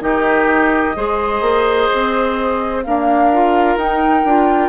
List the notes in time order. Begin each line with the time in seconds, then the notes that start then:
0.00 D#3 D#4 G4 D#5
0.95 G#3 G#4 C5
1.41 A#3
1.93 C4
2.83 A#3 D4 A#4 F5
3.33 F4
3.76 D#4 G5
4.24 D4 F4